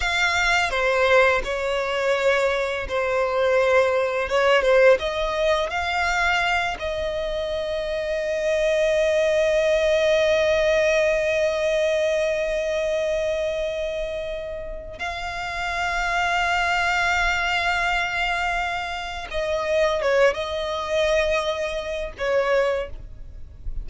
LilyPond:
\new Staff \with { instrumentName = "violin" } { \time 4/4 \tempo 4 = 84 f''4 c''4 cis''2 | c''2 cis''8 c''8 dis''4 | f''4. dis''2~ dis''8~ | dis''1~ |
dis''1~ | dis''4 f''2.~ | f''2. dis''4 | cis''8 dis''2~ dis''8 cis''4 | }